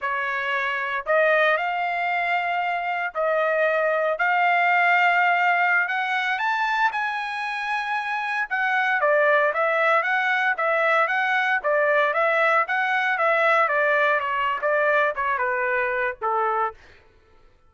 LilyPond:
\new Staff \with { instrumentName = "trumpet" } { \time 4/4 \tempo 4 = 115 cis''2 dis''4 f''4~ | f''2 dis''2 | f''2.~ f''16 fis''8.~ | fis''16 a''4 gis''2~ gis''8.~ |
gis''16 fis''4 d''4 e''4 fis''8.~ | fis''16 e''4 fis''4 d''4 e''8.~ | e''16 fis''4 e''4 d''4 cis''8. | d''4 cis''8 b'4. a'4 | }